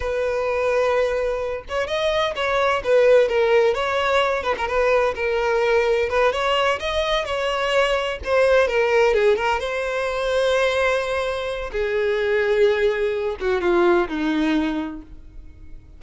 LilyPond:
\new Staff \with { instrumentName = "violin" } { \time 4/4 \tempo 4 = 128 b'2.~ b'8 cis''8 | dis''4 cis''4 b'4 ais'4 | cis''4. b'16 ais'16 b'4 ais'4~ | ais'4 b'8 cis''4 dis''4 cis''8~ |
cis''4. c''4 ais'4 gis'8 | ais'8 c''2.~ c''8~ | c''4 gis'2.~ | gis'8 fis'8 f'4 dis'2 | }